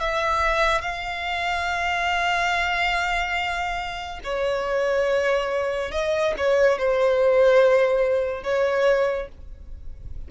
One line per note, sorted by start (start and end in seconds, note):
0.00 0.81 E5
0.81 4.19 F5
4.23 5.91 C#5
5.91 6.33 D#5
6.37 6.78 C#5
6.78 8.43 C5
8.43 9.28 C#5